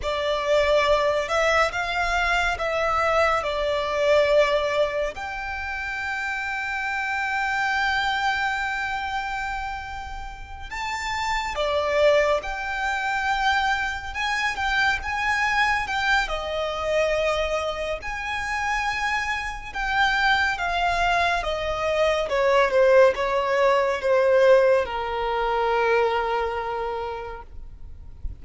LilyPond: \new Staff \with { instrumentName = "violin" } { \time 4/4 \tempo 4 = 70 d''4. e''8 f''4 e''4 | d''2 g''2~ | g''1~ | g''8 a''4 d''4 g''4.~ |
g''8 gis''8 g''8 gis''4 g''8 dis''4~ | dis''4 gis''2 g''4 | f''4 dis''4 cis''8 c''8 cis''4 | c''4 ais'2. | }